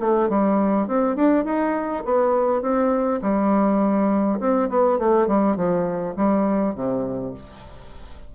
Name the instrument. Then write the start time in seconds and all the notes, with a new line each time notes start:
bassoon
0.00 A3
0.29 G3
0.87 C4
1.16 D4
1.45 D#4
2.05 B3
2.62 C4
3.22 G3
4.40 C4
4.70 B3
4.99 A3
5.28 G3
5.56 F3
6.16 G3
6.75 C3